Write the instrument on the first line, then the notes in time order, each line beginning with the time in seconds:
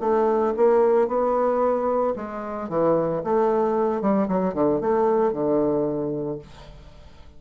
bassoon
0.00 A3
0.56 A#3
1.08 B3
2.16 G#3
2.69 E3
3.23 A3
4.01 G3
4.28 F#3
4.53 D3
4.80 A3
5.32 D3